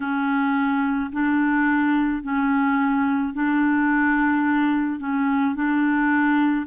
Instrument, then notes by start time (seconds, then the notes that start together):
clarinet
0.00 C#4
1.12 D4
2.22 C#4
3.33 D4
4.99 C#4
5.55 D4